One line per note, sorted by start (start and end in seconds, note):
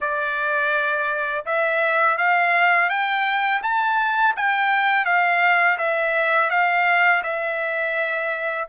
0.00 1.45 D5
1.45 2.17 E5
2.17 2.89 F5
2.89 3.61 G5
3.62 4.35 A5
4.36 5.05 G5
5.05 5.77 F5
5.78 6.50 E5
6.50 7.22 F5
7.23 8.67 E5